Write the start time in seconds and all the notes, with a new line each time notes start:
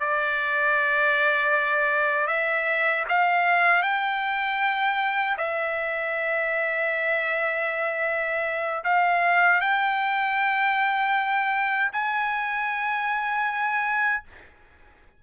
0.00 D5
2.28 E5
3.09 F5
3.83 G5
5.37 E5
8.84 F5
9.61 G5
11.93 G#5